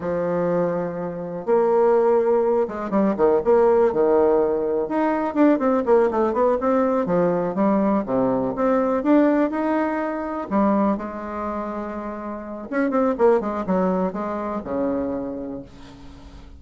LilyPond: \new Staff \with { instrumentName = "bassoon" } { \time 4/4 \tempo 4 = 123 f2. ais4~ | ais4. gis8 g8 dis8 ais4 | dis2 dis'4 d'8 c'8 | ais8 a8 b8 c'4 f4 g8~ |
g8 c4 c'4 d'4 dis'8~ | dis'4. g4 gis4.~ | gis2 cis'8 c'8 ais8 gis8 | fis4 gis4 cis2 | }